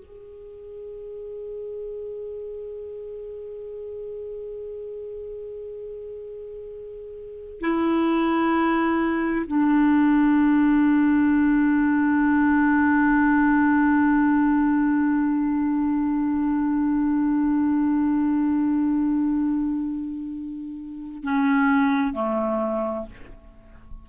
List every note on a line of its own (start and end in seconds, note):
0.00 7.61 G#4
7.61 9.46 E4
9.47 21.23 D4
21.23 22.14 C#4
22.14 23.06 A3